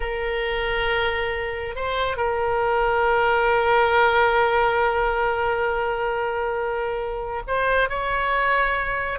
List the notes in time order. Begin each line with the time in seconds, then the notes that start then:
0.00 A#4
1.75 C5
2.17 A#4
7.47 C5
7.89 C#5